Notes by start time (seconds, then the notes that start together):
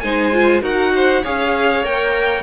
0.00 G#3 D#4 C5 G#5
0.33 F4
0.62 D#4 F#4 A#4 F#5
0.96 C5
1.23 C#4 G#4 C#5 F5
1.84 A#3 A#4 G5